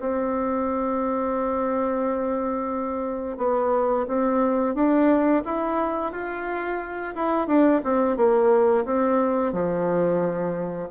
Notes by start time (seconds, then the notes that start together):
0.00 C4
3.38 B3
4.08 C4
4.75 D4
5.45 E4
6.12 F4
7.16 E4
7.48 D4
7.84 C4
8.17 A#3
8.85 C4
9.53 F3